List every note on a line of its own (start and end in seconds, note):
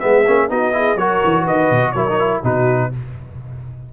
0.00 0.27 G#3
0.00 0.25 B3
0.00 0.51 G#4
0.00 0.48 E5
0.27 0.50 A#3
0.27 0.49 C#4
0.49 0.96 B3
0.49 0.73 D#4
0.49 0.75 F#4
0.49 0.98 D#5
0.73 0.97 E4
0.73 0.99 G#4
0.96 1.20 F#3
0.96 1.96 F#4
0.96 1.43 A#4
0.96 1.46 C#5
1.24 1.46 E3
1.43 1.71 D#3
1.43 1.92 B4
1.43 1.92 D#5
1.71 1.94 B2
1.92 2.43 F#3
1.92 2.08 E4
1.92 2.43 A#4
1.92 2.41 C#5
2.09 2.19 D#4
2.19 2.43 E4
2.43 2.92 B2
2.43 2.92 D#4
2.43 2.92 F#4
2.43 2.93 B4